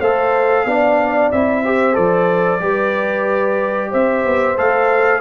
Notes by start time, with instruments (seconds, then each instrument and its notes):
0.00 tuba A3, trombone A4, horn C5, trumpet F5
0.65 tuba B3, trombone D4, horn D5
1.32 tuba C4, trombone E4, trumpet E5
1.63 trombone G4, horn C5
1.93 tuba F3, trombone A4, trumpet D5
2.60 tuba G3, trombone G4, horn B4
3.90 tuba C4, horn C5, trumpet E5
4.25 tuba B3
4.57 tuba A3, trombone A4, trumpet F5